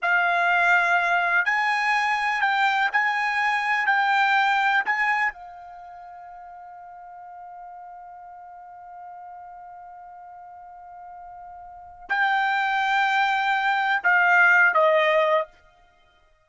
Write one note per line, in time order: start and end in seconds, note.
0.01 1.45 F5
1.45 2.41 G#5
2.41 2.89 G5
2.92 3.86 G#5
3.86 4.83 G5
4.85 5.32 G#5
5.32 12.09 F5
12.09 14.02 G5
14.03 14.74 F5
14.74 15.46 D#5